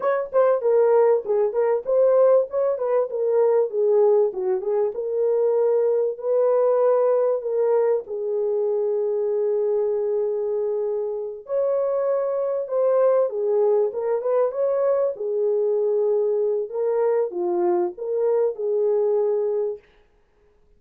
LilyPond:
\new Staff \with { instrumentName = "horn" } { \time 4/4 \tempo 4 = 97 cis''8 c''8 ais'4 gis'8 ais'8 c''4 | cis''8 b'8 ais'4 gis'4 fis'8 gis'8 | ais'2 b'2 | ais'4 gis'2.~ |
gis'2~ gis'8 cis''4.~ | cis''8 c''4 gis'4 ais'8 b'8 cis''8~ | cis''8 gis'2~ gis'8 ais'4 | f'4 ais'4 gis'2 | }